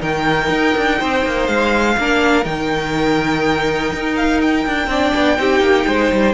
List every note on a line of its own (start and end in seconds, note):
0.00 0.50 D#3
0.00 1.95 D#4
0.00 0.99 A#4
0.00 1.47 G5
0.50 0.74 D#4
0.77 1.02 D4
0.99 1.26 C4
0.99 1.97 C5
1.26 1.48 A#3
1.47 1.97 G#3
1.47 2.45 F5
1.98 2.46 A#3
1.98 2.44 D4
1.98 4.90 A#4
2.44 3.92 D#3
2.44 4.88 D#4
2.44 4.16 G5
3.93 4.66 D#4
4.16 4.41 F5
4.42 6.34 G5
4.67 4.87 D4
4.87 5.12 C4
4.87 5.38 D4
4.87 5.39 D5
5.15 5.39 B3
5.38 5.60 C4
5.38 6.34 D#4
5.38 5.88 G4
5.60 5.85 A#3
5.88 6.12 G#3
5.88 6.34 C5
6.13 6.34 G3